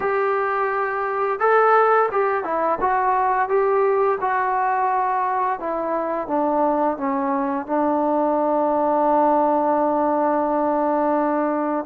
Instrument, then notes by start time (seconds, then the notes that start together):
trombone
0.00 G4
1.39 A4
2.11 G4
2.44 E4
2.80 F#4
3.48 G4
4.21 F#4
5.59 E4
6.27 D4
6.97 C#4
7.66 D4